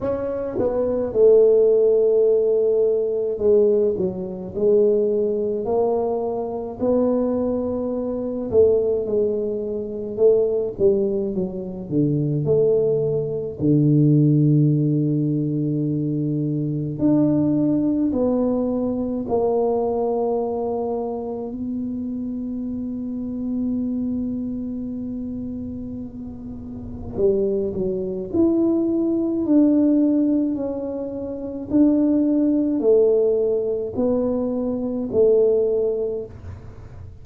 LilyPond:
\new Staff \with { instrumentName = "tuba" } { \time 4/4 \tempo 4 = 53 cis'8 b8 a2 gis8 fis8 | gis4 ais4 b4. a8 | gis4 a8 g8 fis8 d8 a4 | d2. d'4 |
b4 ais2 b4~ | b1 | g8 fis8 e'4 d'4 cis'4 | d'4 a4 b4 a4 | }